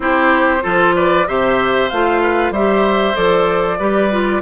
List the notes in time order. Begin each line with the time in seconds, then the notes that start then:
0.00 C4 E4 G4 C5
0.61 F3 F4 A4
0.95 B4 D5
1.27 C3 G4 C5 E5
1.89 A3 F4 F5
2.22 B4
2.50 G3 G4 C5 E5
3.14 F3 A4 D5
3.78 G3 G4 B4
4.11 F4